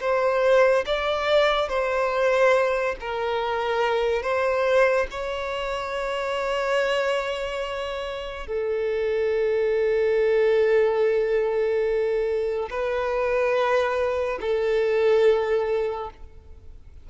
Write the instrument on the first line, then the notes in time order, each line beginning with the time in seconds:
violin
0.00 C5
0.86 D5
1.69 C5
3.00 A#4
4.22 C5
5.10 C#5
8.47 A4
12.70 B4
14.41 A4